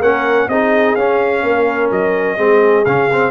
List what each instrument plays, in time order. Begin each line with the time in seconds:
0.00 tuba A#3, trombone C#4, horn A#4, trumpet F#5
0.49 tuba C4, trombone D#4, horn G#4, trumpet D#5
0.96 tuba C#4, trombone C#4, trumpet F5
1.43 tuba A#3, horn A#4
1.91 tuba F#3, trumpet D#5
2.38 tuba G#3, trombone C4, horn G#4
2.86 tuba C#3, trombone C#4, trumpet F5
3.13 trombone C4